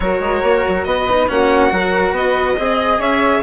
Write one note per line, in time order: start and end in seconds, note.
0.00 0.20 F#3
0.00 1.08 F#4
0.00 0.87 A#4
0.00 0.84 C#5
0.20 0.41 G#3
0.43 0.64 A#3
0.67 0.85 F#3
0.84 1.28 B3
0.84 1.30 B4
0.84 1.27 D#5
1.11 1.28 D#4
1.28 1.71 A#3
1.28 1.69 C#4
1.28 1.73 F#4
1.28 2.15 F#5
1.69 2.11 F#3
1.69 2.55 F#4
1.69 2.12 A#4
2.11 2.54 B3
2.11 2.55 B4
2.11 3.01 D#5
2.57 2.98 C4
2.57 3.42 G#4
2.57 2.99 D#5
2.98 3.41 C#4
2.98 3.42 C#5
2.98 3.43 E5